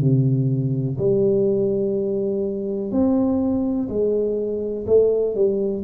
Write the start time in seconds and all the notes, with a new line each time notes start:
0.00 C3
0.98 G3
2.92 C4
3.88 G#3
4.87 A3
5.35 G3